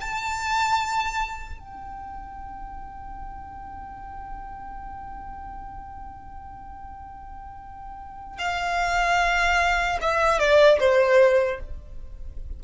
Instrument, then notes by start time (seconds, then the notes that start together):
violin
0.00 A5
1.59 G5
8.38 F5
10.01 E5
10.39 D5
10.79 C5